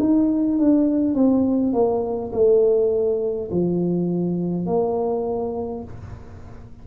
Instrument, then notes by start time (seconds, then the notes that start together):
tuba
0.00 D#4
0.59 D4
1.15 C4
1.73 A#3
2.33 A3
3.51 F3
4.66 A#3